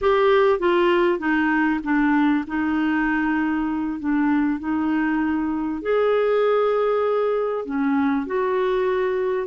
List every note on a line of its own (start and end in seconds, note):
0.01 0.59 G4
0.59 1.18 F4
1.18 1.79 D#4
1.83 2.44 D4
2.47 3.99 D#4
3.99 4.59 D4
4.59 5.82 D#4
5.82 7.65 G#4
7.65 8.26 C#4
8.26 9.47 F#4